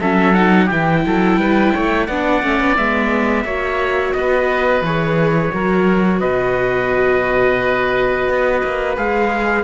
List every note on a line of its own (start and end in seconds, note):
0.00 0.70 F#3
0.00 0.34 C#4
0.00 0.65 A4
0.00 0.34 E5
0.34 0.68 D#4
0.34 0.68 F#5
0.65 1.05 E3
0.65 2.08 E4
0.65 1.00 G4
0.65 2.06 G5
1.06 1.37 F#3
1.06 1.39 A4
1.37 1.72 G3
1.37 1.73 B4
1.73 2.08 A3
1.73 2.06 C#5
2.06 2.42 B3
2.06 2.42 D4
2.06 3.44 D5
2.06 2.75 F#5
2.42 2.60 A3
2.42 2.76 C#4
2.60 2.77 B3
2.76 3.44 G#3
2.76 3.45 B3
2.76 4.13 E5
3.44 4.13 A#3
3.44 4.84 F#4
3.44 4.14 C#5
4.13 4.81 B3
4.13 5.54 B4
4.13 4.82 D#5
4.81 5.50 E3
4.81 5.53 G#4
4.81 6.20 C#5
5.53 6.22 F#3
5.53 8.96 F#4
5.53 6.20 A#4
6.20 8.28 B2
6.20 9.64 B4
6.20 8.96 D#5
8.28 8.62 B3
8.64 8.97 A#3
8.96 9.64 G#3
8.96 9.64 G#4
8.96 9.64 F5